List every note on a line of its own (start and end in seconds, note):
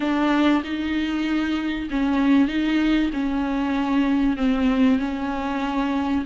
0.00 0.62 D4
0.63 1.88 D#4
1.90 2.48 C#4
2.48 3.10 D#4
3.13 4.36 C#4
4.36 4.99 C4
4.99 6.24 C#4